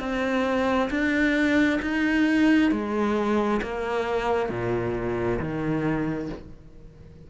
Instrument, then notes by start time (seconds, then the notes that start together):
cello
0.00 C4
0.90 D4
1.82 D#4
2.72 G#3
3.63 A#3
4.50 A#2
5.40 D#3